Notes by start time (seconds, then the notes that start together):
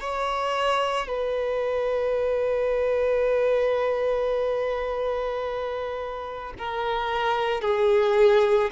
0.00 C#5
1.07 B4
6.58 A#4
7.61 G#4